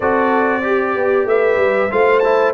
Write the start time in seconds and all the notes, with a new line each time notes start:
0.00 C4 F#4 A4 D5
0.62 G4
0.95 B3
1.25 A3 B4 E5
1.56 G3
1.90 A3 F4 C5 F5
2.19 E4 A5